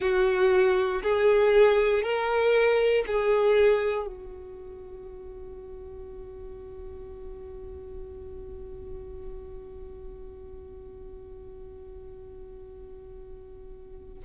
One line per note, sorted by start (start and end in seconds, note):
0.00 1.02 F#4
1.02 2.02 G#4
2.02 3.04 A#4
3.06 4.06 G#4
4.06 14.23 F#4